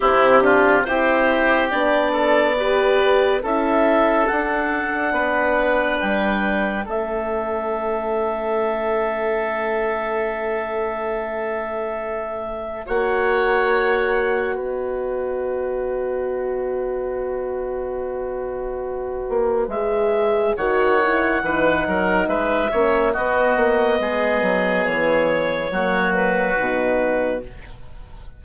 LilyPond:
<<
  \new Staff \with { instrumentName = "clarinet" } { \time 4/4 \tempo 4 = 70 g'4 c''4 d''2 | e''4 fis''2 g''4 | e''1~ | e''2. fis''4~ |
fis''4 dis''2.~ | dis''2. e''4 | fis''2 e''4 dis''4~ | dis''4 cis''4. b'4. | }
  \new Staff \with { instrumentName = "oboe" } { \time 4/4 e'8 f'8 g'4. a'8 b'4 | a'2 b'2 | a'1~ | a'2. cis''4~ |
cis''4 b'2.~ | b'1 | cis''4 b'8 ais'8 b'8 cis''8 fis'4 | gis'2 fis'2 | }
  \new Staff \with { instrumentName = "horn" } { \time 4/4 c'8 d'8 e'4 d'4 g'4 | e'4 d'2. | cis'1~ | cis'2. fis'4~ |
fis'1~ | fis'2. gis'4 | fis'8 e'8 dis'4. cis'8 b4~ | b2 ais4 dis'4 | }
  \new Staff \with { instrumentName = "bassoon" } { \time 4/4 c4 c'4 b2 | cis'4 d'4 b4 g4 | a1~ | a2. ais4~ |
ais4 b2.~ | b2~ b8 ais8 gis4 | dis4 e8 fis8 gis8 ais8 b8 ais8 | gis8 fis8 e4 fis4 b,4 | }
>>